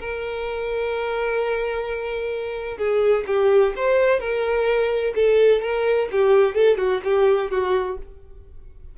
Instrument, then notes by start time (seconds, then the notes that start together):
violin
0.00 A#4
2.78 G#4
3.27 G4
3.76 C5
4.20 A#4
5.15 A4
5.62 A#4
6.12 G4
6.55 A4
6.78 F#4
7.04 G4
7.51 F#4